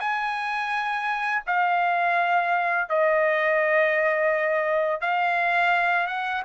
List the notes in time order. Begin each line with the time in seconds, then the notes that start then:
0.00 G#5
1.47 F5
2.89 D#5
5.01 F5
6.07 F#5